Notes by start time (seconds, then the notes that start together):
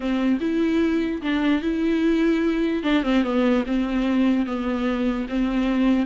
0.00 C4
0.40 E4
1.22 D4
1.62 E4
2.83 D4
3.03 C4
3.23 B3
3.66 C4
4.45 B3
5.28 C4